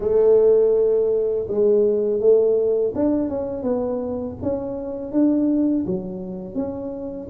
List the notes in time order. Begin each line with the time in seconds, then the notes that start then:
0.00 A3
1.48 G#3
2.20 A3
2.95 D4
3.29 C#4
3.63 B3
4.42 C#4
5.12 D4
5.86 F#3
6.55 C#4